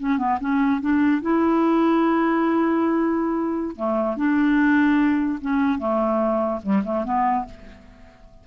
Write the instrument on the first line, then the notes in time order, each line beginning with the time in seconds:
clarinet
0.00 C#4
0.18 B3
0.41 C#4
0.81 D4
1.22 E4
3.76 A3
4.17 D4
5.42 C#4
5.79 A3
6.63 G3
6.85 A3
7.05 B3